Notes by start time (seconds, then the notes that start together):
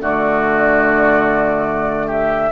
0.00 D3 A3 F#4 D5
2.07 G4 E5